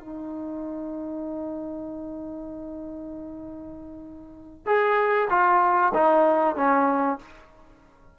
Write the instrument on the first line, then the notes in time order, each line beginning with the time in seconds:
trombone
0.00 D#4
4.66 G#4
5.30 F4
5.94 D#4
6.56 C#4